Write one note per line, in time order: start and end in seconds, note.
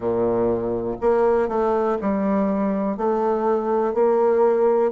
0.00 0.96 A#2
1.00 1.48 A#3
1.48 1.97 A3
2.01 2.97 G3
2.97 3.93 A3
3.93 4.91 A#3